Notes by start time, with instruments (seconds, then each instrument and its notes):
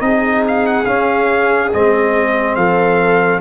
0.00 tuba C4, trombone D#4, viola G#4, trumpet D#5
0.48 trumpet F5
0.66 trumpet F#5
0.85 tuba C#4, trombone C#4, trumpet F5
1.73 tuba G#3, trombone C4, trumpet D#5
2.56 tuba F3, viola A4, trumpet F5